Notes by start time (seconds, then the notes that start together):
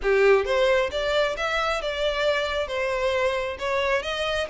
0.02 G4
0.45 C5
0.91 D5
1.37 E5
1.81 D5
2.67 C5
3.58 C#5
4.02 D#5